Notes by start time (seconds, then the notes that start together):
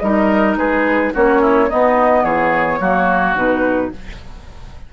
0.00 G3 D#4 A#4 D#5
0.57 G#3 G#4 B4
1.14 A#3 C#4 F#4 C#5
1.42 E4
1.69 B3 D#4 D#5
2.24 E3 G#4 C#5
2.81 F#3 A#3 F#4
3.36 B2 D#4 B4